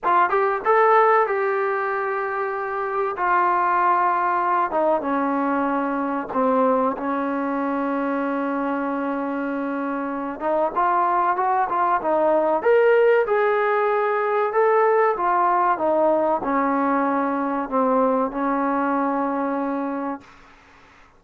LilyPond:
\new Staff \with { instrumentName = "trombone" } { \time 4/4 \tempo 4 = 95 f'8 g'8 a'4 g'2~ | g'4 f'2~ f'8 dis'8 | cis'2 c'4 cis'4~ | cis'1~ |
cis'8 dis'8 f'4 fis'8 f'8 dis'4 | ais'4 gis'2 a'4 | f'4 dis'4 cis'2 | c'4 cis'2. | }